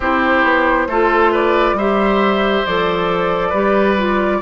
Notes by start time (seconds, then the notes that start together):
0.00 C4 E4 G4 C5
0.43 B3
0.87 A3 F4 A4
1.31 B4 D5
1.73 G3 G4 C5 E5
2.66 F3 A4 D5
3.49 G3 G4 B4
3.97 F4